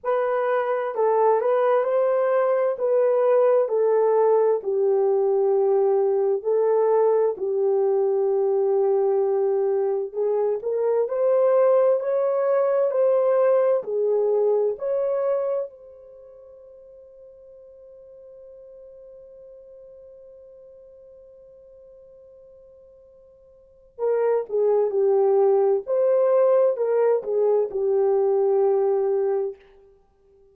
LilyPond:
\new Staff \with { instrumentName = "horn" } { \time 4/4 \tempo 4 = 65 b'4 a'8 b'8 c''4 b'4 | a'4 g'2 a'4 | g'2. gis'8 ais'8 | c''4 cis''4 c''4 gis'4 |
cis''4 c''2.~ | c''1~ | c''2 ais'8 gis'8 g'4 | c''4 ais'8 gis'8 g'2 | }